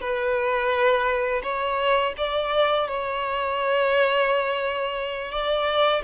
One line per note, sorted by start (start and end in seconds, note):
0.00 1.41 B4
1.42 2.13 C#5
2.17 2.87 D5
2.87 5.31 C#5
5.31 6.02 D5